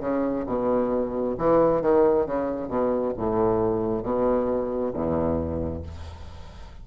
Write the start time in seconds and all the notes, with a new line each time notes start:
0.00 C#3
0.46 B2
1.38 E3
1.82 D#3
2.26 C#3
2.68 B2
3.17 A2
4.03 B2
4.93 E2